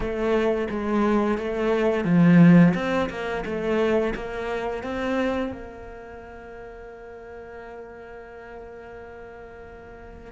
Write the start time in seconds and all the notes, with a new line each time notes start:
0.00 A3
0.70 G#3
1.38 A3
2.04 F3
2.74 C4
3.09 A#3
3.45 A3
4.14 A#3
4.83 C4
5.52 A#3